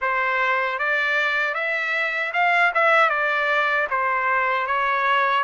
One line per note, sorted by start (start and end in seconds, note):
0.01 0.79 C5
0.79 1.54 D5
1.54 2.32 E5
2.33 2.72 F5
2.74 3.09 E5
3.09 3.87 D5
3.90 4.66 C5
4.66 5.43 C#5